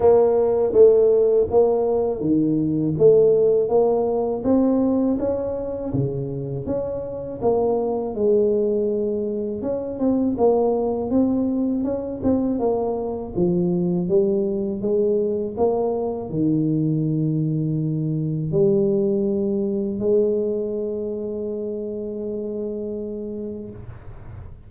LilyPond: \new Staff \with { instrumentName = "tuba" } { \time 4/4 \tempo 4 = 81 ais4 a4 ais4 dis4 | a4 ais4 c'4 cis'4 | cis4 cis'4 ais4 gis4~ | gis4 cis'8 c'8 ais4 c'4 |
cis'8 c'8 ais4 f4 g4 | gis4 ais4 dis2~ | dis4 g2 gis4~ | gis1 | }